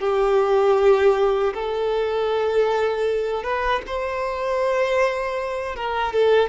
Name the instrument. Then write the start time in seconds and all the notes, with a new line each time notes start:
violin
0.00 G4
1.54 A4
3.44 B4
3.87 C5
5.76 A#4
6.14 A4